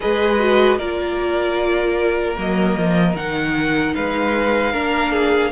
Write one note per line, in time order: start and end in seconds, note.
0.00 0.78 G#3
0.00 0.39 G#4
0.00 0.78 B4
0.00 0.78 D#5
0.39 0.78 F#4
0.78 2.36 A#3
0.78 2.35 F4
0.78 3.93 A#4
0.78 2.36 D5
2.35 2.76 F#3
2.35 3.14 A#3
2.35 3.16 D#5
2.77 3.14 F3
3.14 3.93 D#3
3.14 4.73 D#4
3.14 3.95 F#5
3.95 4.74 G#3
3.95 4.72 B4
3.95 5.52 F5
4.72 5.52 A#3
4.72 5.52 D4
4.72 5.12 A#4
5.12 5.51 G#4